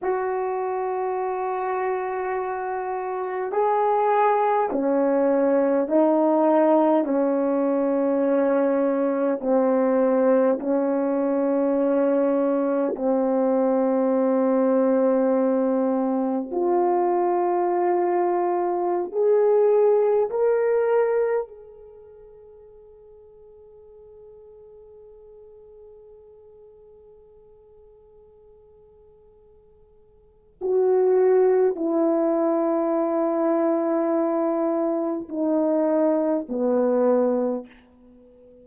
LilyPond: \new Staff \with { instrumentName = "horn" } { \time 4/4 \tempo 4 = 51 fis'2. gis'4 | cis'4 dis'4 cis'2 | c'4 cis'2 c'4~ | c'2 f'2~ |
f'16 gis'4 ais'4 gis'4.~ gis'16~ | gis'1~ | gis'2 fis'4 e'4~ | e'2 dis'4 b4 | }